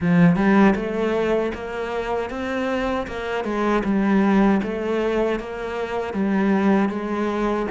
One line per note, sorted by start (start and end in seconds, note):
0.00 0.35 F3
0.35 0.74 G3
0.75 1.52 A3
1.53 2.30 A#3
2.30 3.07 C4
3.07 3.44 A#3
3.44 3.83 G#3
3.84 4.61 G3
4.63 5.39 A3
5.39 6.13 A#3
6.13 6.89 G3
6.89 7.66 G#3